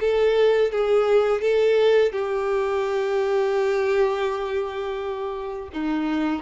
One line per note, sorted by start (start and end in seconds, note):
0.00 0.71 A4
0.71 1.41 G#4
1.41 2.12 A4
2.12 5.69 G4
5.73 6.42 D#4